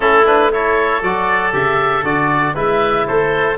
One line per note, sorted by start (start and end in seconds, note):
0.00 1.02 A3
0.00 0.24 C#4
0.00 0.51 E4
0.00 0.26 A4
0.26 0.51 D4
0.26 0.51 B4
0.51 1.03 E4
0.51 2.54 A4
0.51 1.02 C#5
1.02 1.53 F#3
1.02 1.52 F#4
1.02 1.53 D5
1.52 2.03 C#3
1.52 2.03 G4
1.52 2.04 E5
2.03 2.54 D3
2.03 2.54 F#4
2.03 2.56 D5
2.54 3.06 G#3
2.54 3.57 E4
2.54 3.05 B4
2.54 3.07 E5
3.07 3.57 A3
3.07 3.57 A4
3.07 3.57 C5